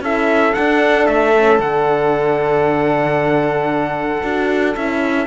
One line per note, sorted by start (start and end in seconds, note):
0.00 0.53 C#4
0.00 0.55 E4
0.00 5.27 A4
0.00 0.54 E5
0.54 1.35 D4
0.54 1.08 D4
0.54 1.06 F#5
1.06 1.59 A3
1.06 1.59 E5
1.36 1.60 C#4
1.59 4.22 D3
1.59 4.23 D4
1.59 4.75 F#5
4.23 4.75 D4
4.23 4.75 F#4
4.75 5.27 C#4
4.75 5.27 E4
4.75 5.27 E5